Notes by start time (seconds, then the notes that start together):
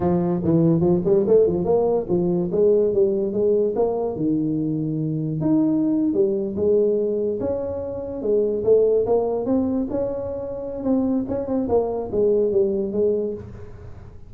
0.00 F3
0.44 E3
0.80 F3
1.04 G3
1.27 A3
1.47 F3
1.65 A#3
2.08 F3
2.51 G#3
2.93 G3
3.32 G#3
3.75 A#3
4.16 D#3
5.40 D#4
6.13 G3
6.55 G#3
7.40 C#4
8.22 G#3
8.64 A3
9.05 A#3
9.45 C4
9.90 C#4
10.83 C4
11.28 C#4
11.47 C4
11.68 A#3
12.11 G#3
12.51 G3
12.92 G#3